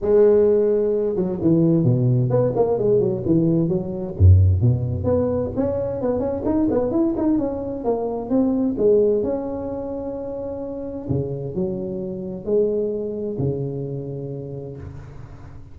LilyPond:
\new Staff \with { instrumentName = "tuba" } { \time 4/4 \tempo 4 = 130 gis2~ gis8 fis8 e4 | b,4 b8 ais8 gis8 fis8 e4 | fis4 fis,4 b,4 b4 | cis'4 b8 cis'8 dis'8 b8 e'8 dis'8 |
cis'4 ais4 c'4 gis4 | cis'1 | cis4 fis2 gis4~ | gis4 cis2. | }